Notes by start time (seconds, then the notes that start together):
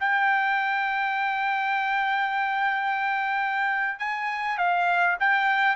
0.00 G5
3.99 G#5
4.58 F5
5.20 G5